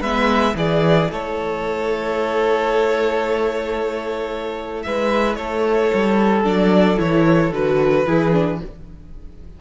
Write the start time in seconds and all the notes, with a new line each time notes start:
0.00 G#3 B3 B4 E5
0.53 E3 E4 G#4 D5
1.10 A3 A4 C#5
4.82 G#3 B4 E5
5.35 A3 A4 C#5
5.94 G3
6.44 F#3 D4 D5
6.96 E3 E4 C#5
7.52 D3 F#4 B4
8.05 E3 E4 G#4
8.32 D4